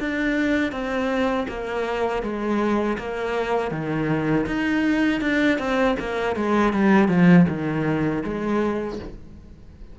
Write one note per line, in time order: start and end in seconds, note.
0.00 0.72 D4
0.72 1.47 C4
1.48 2.23 A#3
2.23 2.98 G#3
2.98 3.71 A#3
3.71 4.46 D#3
4.47 5.21 D#4
5.21 5.59 D4
5.59 5.96 C4
6.00 6.36 A#3
6.36 6.73 G#3
6.73 7.08 G3
7.08 7.46 F3
7.49 8.24 D#3
8.24 8.99 G#3